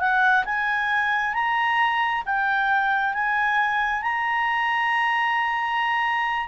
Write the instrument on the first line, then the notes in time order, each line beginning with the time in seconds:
clarinet
0.00 F#5
0.46 G#5
1.34 A#5
2.26 G5
3.14 G#5
4.03 A#5